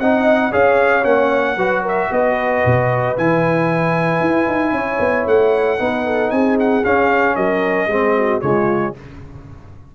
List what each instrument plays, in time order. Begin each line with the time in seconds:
0.00 tuba C4, trombone D#4, horn D#5, trumpet F#5
0.52 tuba C#4, trombone G#4, horn C#5, trumpet F5
1.03 tuba A#3, trombone C#4, trumpet F#5
1.57 tuba F#3, trombone F#4, horn B4
1.82 horn A#4
1.88 trumpet E5
2.12 tuba B3, horn B4, trumpet D#5
2.66 tuba B2
3.17 tuba E3, trombone E4, trumpet G#5
4.21 tuba E4
4.48 tuba D#4
4.72 tuba C#4, horn C#5
5.00 tuba B3
5.27 tuba A3, trumpet F#5
5.79 tuba B3, trombone D#4, horn B4
6.06 horn A4
6.31 tuba C4, horn G#4, trumpet G#5
6.60 trumpet F#5
6.84 trombone C#4, tuba C#4, trumpet F5
7.36 tuba F#3, horn A#4, trumpet D#5
7.88 tuba G#3, trombone C4, horn G#4
8.16 horn F#4
8.41 tuba C#3, trombone G#3, horn F4, trumpet C#5